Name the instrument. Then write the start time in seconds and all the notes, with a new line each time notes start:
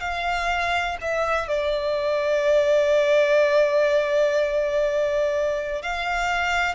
violin
0.00 F5
1.01 E5
1.48 D5
5.82 F5